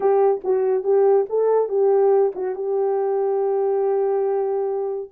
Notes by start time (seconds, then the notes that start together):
0.00 G4
0.44 F#4
0.83 G4
1.29 A4
1.68 G4
2.35 F#4
2.55 G4